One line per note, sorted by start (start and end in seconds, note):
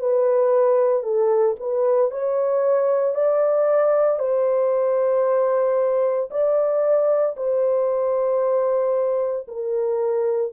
0.00 1.03 B4
1.03 1.56 A4
1.60 2.11 B4
2.11 3.15 C#5
3.15 4.19 D5
4.19 6.30 C5
6.31 7.36 D5
7.37 9.47 C5
9.48 10.53 A#4